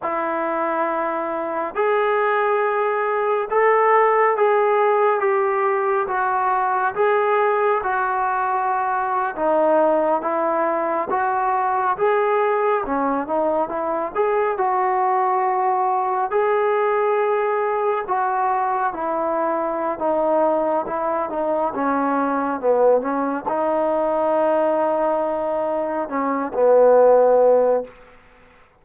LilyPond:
\new Staff \with { instrumentName = "trombone" } { \time 4/4 \tempo 4 = 69 e'2 gis'2 | a'4 gis'4 g'4 fis'4 | gis'4 fis'4.~ fis'16 dis'4 e'16~ | e'8. fis'4 gis'4 cis'8 dis'8 e'16~ |
e'16 gis'8 fis'2 gis'4~ gis'16~ | gis'8. fis'4 e'4~ e'16 dis'4 | e'8 dis'8 cis'4 b8 cis'8 dis'4~ | dis'2 cis'8 b4. | }